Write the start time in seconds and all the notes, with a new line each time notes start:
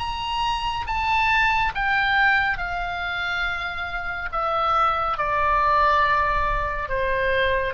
0.00 A#5
0.87 A5
1.75 G5
2.58 F5
4.32 E5
5.18 D5
6.89 C5